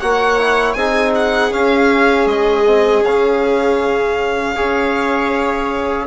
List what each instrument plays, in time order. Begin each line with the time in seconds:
0.00 bassoon A#3, trombone F#4, viola C#5, violin F#5
0.39 trombone E4
0.74 bassoon C4, trombone D#4, viola G#4, violin G#5
1.16 violin F#5
1.51 trombone C#4, bassoon C#4, violin F5
2.26 bassoon G#3, violin D#5
2.67 trombone C4
3.03 bassoon C#3, trombone C#4, violin F5
4.56 bassoon C#4, trombone G#4, viola C#5